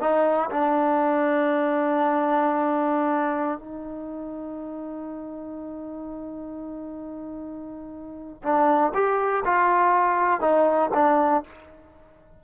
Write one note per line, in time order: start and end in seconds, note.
0.00 0.50 D#4
0.50 3.59 D4
3.59 8.42 D#4
8.43 8.93 D4
8.94 9.44 G4
9.45 10.40 F4
10.40 10.90 D#4
10.94 11.43 D4